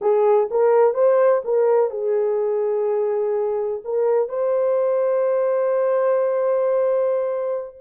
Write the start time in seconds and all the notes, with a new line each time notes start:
0.01 G#4
0.50 A#4
0.94 C5
1.44 A#4
1.90 G#4
3.84 A#4
4.28 C5